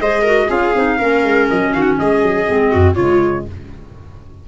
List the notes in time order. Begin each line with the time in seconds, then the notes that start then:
0.00 G#3 G#4 C5 D#5
0.22 F#4 A#4
0.48 C#4 F4 G#4 F5
0.75 C4 D#4
0.98 A#3 C#4 A#4
1.24 G#3
1.50 F#3 D#5
1.73 D#3 F#4 F5
1.82 F#5
1.99 G#3 G#4 D#5
2.22 F#3
2.46 G#3 C4
2.71 F#2 F#4
2.94 C#3 G#3 F4 C#5